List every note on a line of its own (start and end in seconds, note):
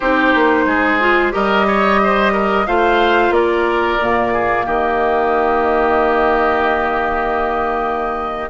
0.00 0.34 C4
0.00 1.00 D#4
0.00 0.64 G4
0.00 1.33 C5
0.34 0.65 A#3
0.65 1.32 G#3
0.65 1.33 G#4
1.00 1.31 F4
1.31 2.67 G3
1.31 2.65 G4
1.31 1.66 A#4
1.31 2.66 D#5
1.67 2.00 C#5
2.03 2.32 C5
2.32 2.66 A#4
2.66 3.29 A3
2.66 4.00 F4
2.66 3.34 C5
2.66 3.32 F5
3.29 3.96 A#3
3.29 4.33 A#4
3.29 4.66 D5
4.00 4.66 A#2
4.00 8.50 A#3
4.33 4.65 G#4
4.65 8.49 D#3
4.65 8.49 G4
4.65 8.50 D#5